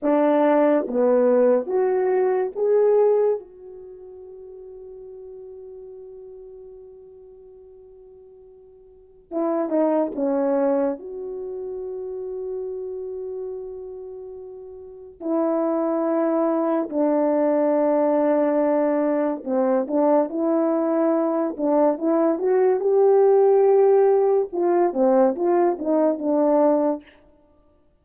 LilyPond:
\new Staff \with { instrumentName = "horn" } { \time 4/4 \tempo 4 = 71 d'4 b4 fis'4 gis'4 | fis'1~ | fis'2. e'8 dis'8 | cis'4 fis'2.~ |
fis'2 e'2 | d'2. c'8 d'8 | e'4. d'8 e'8 fis'8 g'4~ | g'4 f'8 c'8 f'8 dis'8 d'4 | }